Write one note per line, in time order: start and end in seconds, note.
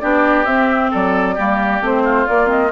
0.00 0.45 B3
0.00 0.45 D4
0.00 0.91 G4
0.00 0.45 D5
0.45 0.91 C4
0.45 1.38 C4
0.45 0.90 E5
0.91 1.38 F#3
0.91 1.35 A4
0.91 1.84 D5
1.35 1.81 G3
1.35 1.82 A#3
1.35 2.03 G4
1.81 2.26 A3
1.81 2.27 C4
1.81 2.26 C5
2.04 2.72 F4
2.26 2.46 A#3
2.26 2.72 A#3
2.26 2.49 D5
2.46 2.68 C4
2.46 2.72 D#5